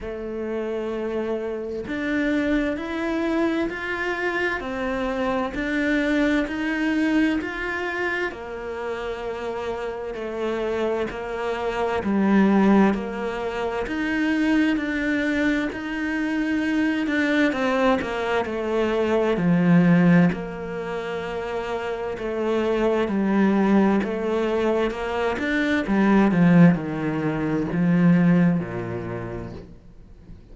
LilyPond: \new Staff \with { instrumentName = "cello" } { \time 4/4 \tempo 4 = 65 a2 d'4 e'4 | f'4 c'4 d'4 dis'4 | f'4 ais2 a4 | ais4 g4 ais4 dis'4 |
d'4 dis'4. d'8 c'8 ais8 | a4 f4 ais2 | a4 g4 a4 ais8 d'8 | g8 f8 dis4 f4 ais,4 | }